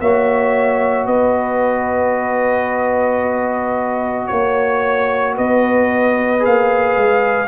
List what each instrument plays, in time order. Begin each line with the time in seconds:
0.00 tuba A#3, trombone F#4, horn C#5, trumpet E5
1.06 tuba B3, horn B4, trumpet D#5
4.27 tuba A#3, trumpet C#5, horn C#5
5.35 tuba B3, horn B4, trumpet D#5
6.39 tuba A#3, trombone G#4, trumpet F5
6.97 tuba G#3